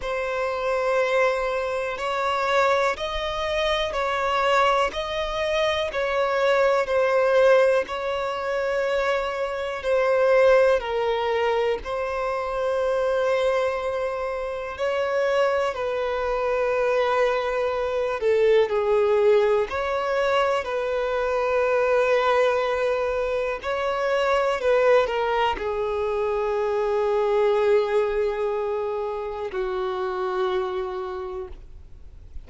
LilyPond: \new Staff \with { instrumentName = "violin" } { \time 4/4 \tempo 4 = 61 c''2 cis''4 dis''4 | cis''4 dis''4 cis''4 c''4 | cis''2 c''4 ais'4 | c''2. cis''4 |
b'2~ b'8 a'8 gis'4 | cis''4 b'2. | cis''4 b'8 ais'8 gis'2~ | gis'2 fis'2 | }